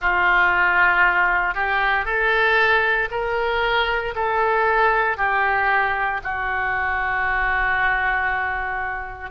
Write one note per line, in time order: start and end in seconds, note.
0.00 1.54 F4
1.54 2.05 G4
2.05 3.08 A4
3.10 4.14 A#4
4.15 5.17 A4
5.17 6.20 G4
6.23 9.30 F#4